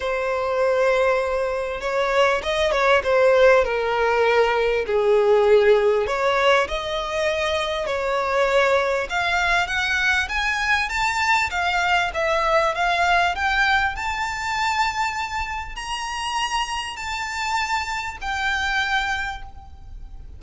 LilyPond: \new Staff \with { instrumentName = "violin" } { \time 4/4 \tempo 4 = 99 c''2. cis''4 | dis''8 cis''8 c''4 ais'2 | gis'2 cis''4 dis''4~ | dis''4 cis''2 f''4 |
fis''4 gis''4 a''4 f''4 | e''4 f''4 g''4 a''4~ | a''2 ais''2 | a''2 g''2 | }